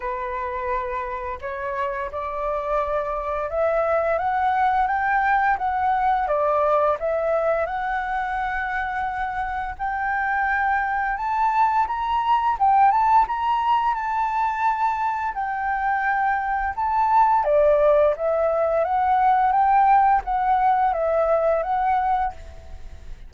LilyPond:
\new Staff \with { instrumentName = "flute" } { \time 4/4 \tempo 4 = 86 b'2 cis''4 d''4~ | d''4 e''4 fis''4 g''4 | fis''4 d''4 e''4 fis''4~ | fis''2 g''2 |
a''4 ais''4 g''8 a''8 ais''4 | a''2 g''2 | a''4 d''4 e''4 fis''4 | g''4 fis''4 e''4 fis''4 | }